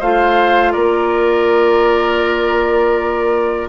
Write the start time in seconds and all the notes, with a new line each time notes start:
0.00 A3 F4 C5 F5
0.73 A#3 A#4 D5